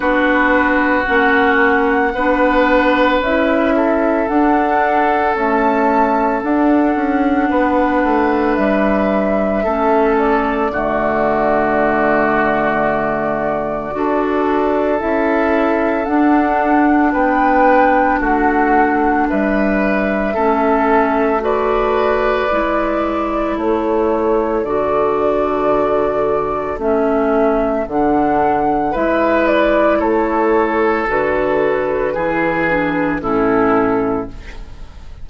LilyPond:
<<
  \new Staff \with { instrumentName = "flute" } { \time 4/4 \tempo 4 = 56 b'4 fis''2 e''4 | fis''4 a''4 fis''2 | e''4. d''2~ d''8~ | d''2 e''4 fis''4 |
g''4 fis''4 e''2 | d''2 cis''4 d''4~ | d''4 e''4 fis''4 e''8 d''8 | cis''4 b'2 a'4 | }
  \new Staff \with { instrumentName = "oboe" } { \time 4/4 fis'2 b'4. a'8~ | a'2. b'4~ | b'4 a'4 fis'2~ | fis'4 a'2. |
b'4 fis'4 b'4 a'4 | b'2 a'2~ | a'2. b'4 | a'2 gis'4 e'4 | }
  \new Staff \with { instrumentName = "clarinet" } { \time 4/4 d'4 cis'4 d'4 e'4 | d'4 a4 d'2~ | d'4 cis'4 a2~ | a4 fis'4 e'4 d'4~ |
d'2. cis'4 | fis'4 e'2 fis'4~ | fis'4 cis'4 d'4 e'4~ | e'4 fis'4 e'8 d'8 cis'4 | }
  \new Staff \with { instrumentName = "bassoon" } { \time 4/4 b4 ais4 b4 cis'4 | d'4 cis'4 d'8 cis'8 b8 a8 | g4 a4 d2~ | d4 d'4 cis'4 d'4 |
b4 a4 g4 a4~ | a4 gis4 a4 d4~ | d4 a4 d4 gis4 | a4 d4 e4 a,4 | }
>>